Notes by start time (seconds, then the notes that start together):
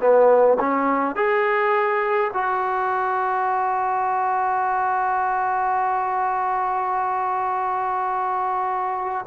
0.00 B3
0.60 C#4
1.15 G#4
2.33 F#4